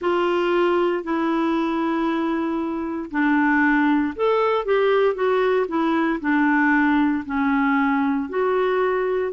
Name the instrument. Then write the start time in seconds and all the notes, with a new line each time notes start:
clarinet
0.01 F4
1.03 E4
3.10 D4
4.15 A4
4.65 G4
5.14 F#4
5.68 E4
6.20 D4
7.25 C#4
8.29 F#4